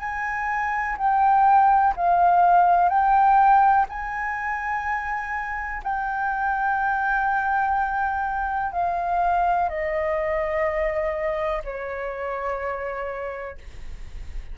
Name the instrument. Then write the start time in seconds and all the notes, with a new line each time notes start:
flute
0.00 G#5
0.98 G5
1.97 F5
2.89 G5
3.89 G#5
5.84 G5
8.73 F5
9.70 D#5
11.65 C#5